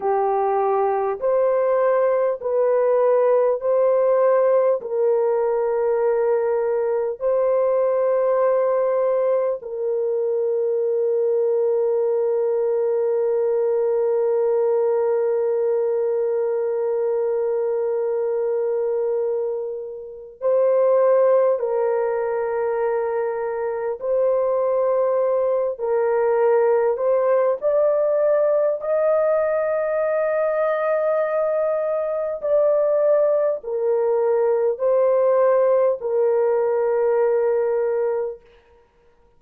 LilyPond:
\new Staff \with { instrumentName = "horn" } { \time 4/4 \tempo 4 = 50 g'4 c''4 b'4 c''4 | ais'2 c''2 | ais'1~ | ais'1~ |
ais'4 c''4 ais'2 | c''4. ais'4 c''8 d''4 | dis''2. d''4 | ais'4 c''4 ais'2 | }